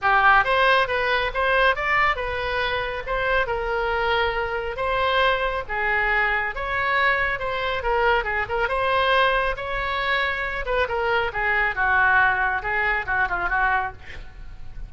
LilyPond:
\new Staff \with { instrumentName = "oboe" } { \time 4/4 \tempo 4 = 138 g'4 c''4 b'4 c''4 | d''4 b'2 c''4 | ais'2. c''4~ | c''4 gis'2 cis''4~ |
cis''4 c''4 ais'4 gis'8 ais'8 | c''2 cis''2~ | cis''8 b'8 ais'4 gis'4 fis'4~ | fis'4 gis'4 fis'8 f'8 fis'4 | }